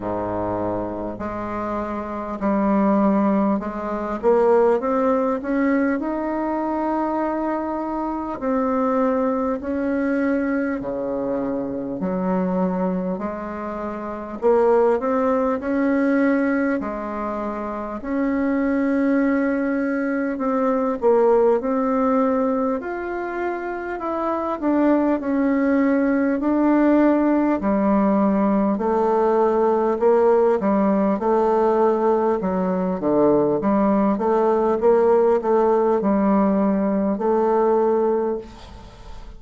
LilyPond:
\new Staff \with { instrumentName = "bassoon" } { \time 4/4 \tempo 4 = 50 gis,4 gis4 g4 gis8 ais8 | c'8 cis'8 dis'2 c'4 | cis'4 cis4 fis4 gis4 | ais8 c'8 cis'4 gis4 cis'4~ |
cis'4 c'8 ais8 c'4 f'4 | e'8 d'8 cis'4 d'4 g4 | a4 ais8 g8 a4 fis8 d8 | g8 a8 ais8 a8 g4 a4 | }